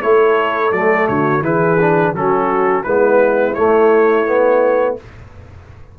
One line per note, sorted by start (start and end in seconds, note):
0.00 0.71 A3
0.00 0.72 E4
0.00 1.06 A4
0.00 0.72 C#5
0.71 1.07 F#3
0.71 1.42 A3
0.71 1.07 D5
1.07 1.40 D3
1.07 1.43 F#4
1.07 1.43 C#5
1.40 2.11 E3
1.40 1.77 E4
1.40 2.12 G#4
1.40 2.14 B4
1.80 2.15 D4
2.12 2.84 F#3
2.12 2.84 C#4
2.12 2.83 F#4
2.12 2.83 A4
2.83 3.56 G#3
2.83 3.55 B3
2.83 4.95 E4
2.83 3.54 B4
3.54 4.26 A3
3.54 4.98 A3
3.54 4.95 C#5
4.26 4.97 B3